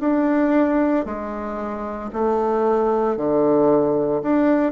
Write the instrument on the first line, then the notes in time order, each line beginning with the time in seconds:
bassoon
0.00 D4
1.05 G#3
2.13 A3
3.17 D3
4.22 D4